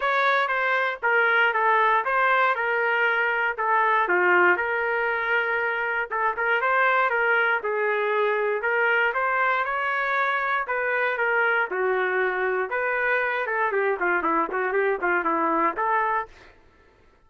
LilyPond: \new Staff \with { instrumentName = "trumpet" } { \time 4/4 \tempo 4 = 118 cis''4 c''4 ais'4 a'4 | c''4 ais'2 a'4 | f'4 ais'2. | a'8 ais'8 c''4 ais'4 gis'4~ |
gis'4 ais'4 c''4 cis''4~ | cis''4 b'4 ais'4 fis'4~ | fis'4 b'4. a'8 g'8 f'8 | e'8 fis'8 g'8 f'8 e'4 a'4 | }